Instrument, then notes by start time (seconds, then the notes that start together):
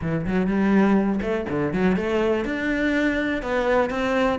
cello
0.01 E3
0.26 F#3
0.46 G3
1.21 A3
1.49 D3
1.73 F#3
1.96 A3
2.45 D4
3.42 B3
3.90 C4